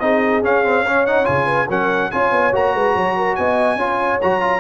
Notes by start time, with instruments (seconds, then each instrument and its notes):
0.00 tuba C4, trombone D#4, horn G#4, trumpet D#5
0.43 trombone C#4, tuba C#4, trumpet F5
0.64 trombone C4
0.84 trombone C#4, horn C#5
1.06 trombone D#4, trumpet F#5
1.25 tuba C#3, trombone F4, trumpet G#5
1.46 horn B4
1.69 tuba F#3, trombone C#4, horn A#4, trumpet F#5
2.11 tuba C#4, trombone F4, horn C#5, trumpet G#5
2.31 tuba B3
2.53 tuba A#3, trombone F#4, trumpet A#5
2.74 tuba G#3, horn B4
2.94 tuba F#3, horn C#5
3.16 horn A#4
3.36 tuba B3, horn D#5, trumpet G#5
3.76 tuba C#4, trombone F4, horn C#5
4.21 tuba F#3, trombone F#4, trumpet A#5
4.40 trombone F4